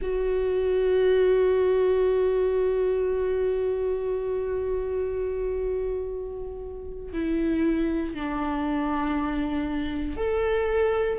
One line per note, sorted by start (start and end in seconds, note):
0.01 7.12 F#4
7.12 8.14 E4
8.14 10.16 D4
10.16 11.18 A4